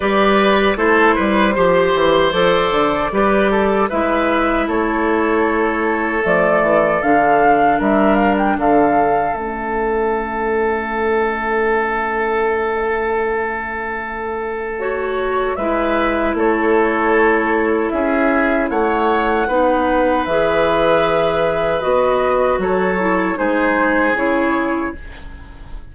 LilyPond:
<<
  \new Staff \with { instrumentName = "flute" } { \time 4/4 \tempo 4 = 77 d''4 c''2 d''4~ | d''4 e''4 cis''2 | d''4 f''4 e''8 f''16 g''16 f''4 | e''1~ |
e''2. cis''4 | e''4 cis''2 e''4 | fis''2 e''2 | dis''4 cis''4 c''4 cis''4 | }
  \new Staff \with { instrumentName = "oboe" } { \time 4/4 b'4 a'8 b'8 c''2 | b'8 a'8 b'4 a'2~ | a'2 ais'4 a'4~ | a'1~ |
a'1 | b'4 a'2 gis'4 | cis''4 b'2.~ | b'4 a'4 gis'2 | }
  \new Staff \with { instrumentName = "clarinet" } { \time 4/4 g'4 e'4 g'4 a'4 | g'4 e'2. | a4 d'2. | cis'1~ |
cis'2. fis'4 | e'1~ | e'4 dis'4 gis'2 | fis'4. e'8 dis'4 e'4 | }
  \new Staff \with { instrumentName = "bassoon" } { \time 4/4 g4 a8 g8 f8 e8 f8 d8 | g4 gis4 a2 | f8 e8 d4 g4 d4 | a1~ |
a1 | gis4 a2 cis'4 | a4 b4 e2 | b4 fis4 gis4 cis4 | }
>>